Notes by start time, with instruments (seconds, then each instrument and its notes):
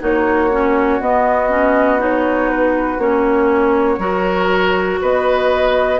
0.00 bassoon A#3, clarinet D#4, oboe F#4, flute C#5
0.51 clarinet C#4
1.00 bassoon B3, clarinet B3, flute D#5
1.50 clarinet C#4
1.99 clarinet D#4, flute C#5
2.50 flute B4
2.99 bassoon A#3, clarinet C#4, flute C#5
3.98 bassoon F#3, clarinet F#4, oboe A#4
5.02 bassoon B3, oboe B4, flute D#5